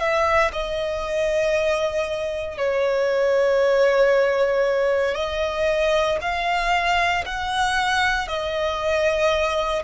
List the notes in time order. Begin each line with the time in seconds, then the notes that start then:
0.00 E5
0.53 D#5
2.58 C#5
5.15 D#5
6.22 F5
7.26 F#5
8.28 D#5